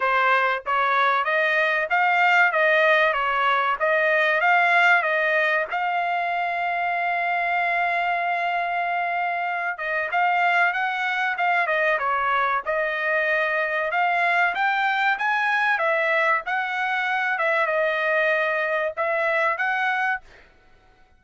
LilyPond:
\new Staff \with { instrumentName = "trumpet" } { \time 4/4 \tempo 4 = 95 c''4 cis''4 dis''4 f''4 | dis''4 cis''4 dis''4 f''4 | dis''4 f''2.~ | f''2.~ f''8 dis''8 |
f''4 fis''4 f''8 dis''8 cis''4 | dis''2 f''4 g''4 | gis''4 e''4 fis''4. e''8 | dis''2 e''4 fis''4 | }